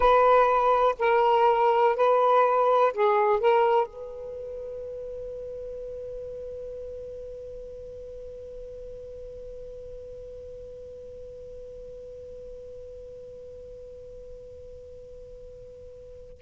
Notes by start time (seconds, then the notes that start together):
0.00 B4
0.99 A#4
1.96 B4
2.93 G#4
3.40 A#4
3.87 B4